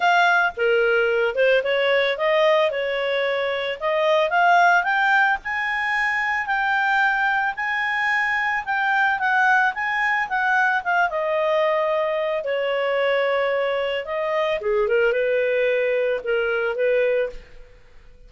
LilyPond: \new Staff \with { instrumentName = "clarinet" } { \time 4/4 \tempo 4 = 111 f''4 ais'4. c''8 cis''4 | dis''4 cis''2 dis''4 | f''4 g''4 gis''2 | g''2 gis''2 |
g''4 fis''4 gis''4 fis''4 | f''8 dis''2~ dis''8 cis''4~ | cis''2 dis''4 gis'8 ais'8 | b'2 ais'4 b'4 | }